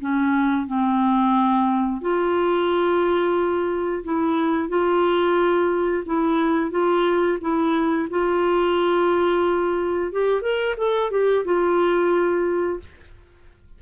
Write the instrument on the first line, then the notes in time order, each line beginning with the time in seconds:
clarinet
0.00 C#4
0.66 C4
2.01 F4
4.04 E4
4.69 F4
6.05 E4
6.70 F4
7.41 E4
8.10 F4
10.12 G4
10.41 A#4
10.77 A4
11.11 G4
11.45 F4